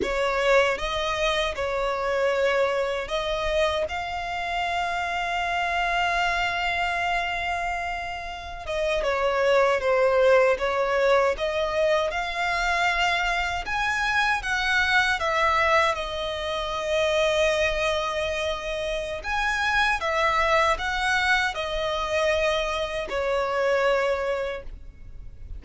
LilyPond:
\new Staff \with { instrumentName = "violin" } { \time 4/4 \tempo 4 = 78 cis''4 dis''4 cis''2 | dis''4 f''2.~ | f''2.~ f''16 dis''8 cis''16~ | cis''8. c''4 cis''4 dis''4 f''16~ |
f''4.~ f''16 gis''4 fis''4 e''16~ | e''8. dis''2.~ dis''16~ | dis''4 gis''4 e''4 fis''4 | dis''2 cis''2 | }